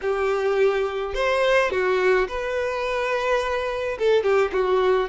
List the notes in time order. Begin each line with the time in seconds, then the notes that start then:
0.01 G4
1.14 C5
1.71 F#4
2.28 B4
3.99 A4
4.23 G4
4.52 F#4